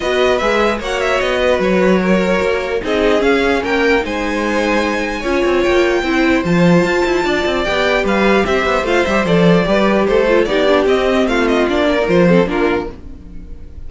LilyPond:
<<
  \new Staff \with { instrumentName = "violin" } { \time 4/4 \tempo 4 = 149 dis''4 e''4 fis''8 e''8 dis''4 | cis''2. dis''4 | f''4 g''4 gis''2~ | gis''2 g''2 |
a''2. g''4 | f''4 e''4 f''8 e''8 d''4~ | d''4 c''4 d''4 dis''4 | f''8 dis''8 d''4 c''4 ais'4 | }
  \new Staff \with { instrumentName = "violin" } { \time 4/4 b'2 cis''4. b'8~ | b'4 ais'2 gis'4~ | gis'4 ais'4 c''2~ | c''4 cis''2 c''4~ |
c''2 d''2 | b'4 c''2. | b'4 a'4 g'2 | f'4. ais'4 a'8 f'4 | }
  \new Staff \with { instrumentName = "viola" } { \time 4/4 fis'4 gis'4 fis'2~ | fis'2. dis'4 | cis'2 dis'2~ | dis'4 f'2 e'4 |
f'2. g'4~ | g'2 f'8 g'8 a'4 | g'4. f'8 dis'8 d'8 c'4~ | c'4 d'8. dis'16 f'8 c'8 d'4 | }
  \new Staff \with { instrumentName = "cello" } { \time 4/4 b4 gis4 ais4 b4 | fis2 ais4 c'4 | cis'4 ais4 gis2~ | gis4 cis'8 c'8 ais4 c'4 |
f4 f'8 e'8 d'8 c'8 b4 | g4 c'8 b8 a8 g8 f4 | g4 a4 b4 c'4 | a4 ais4 f4 ais4 | }
>>